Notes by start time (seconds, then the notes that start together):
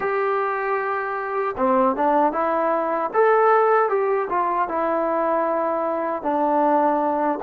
0.00 G4
1.57 C4
1.96 D4
2.32 E4
3.13 A4
3.89 G4
4.29 F4
4.68 E4
6.22 D4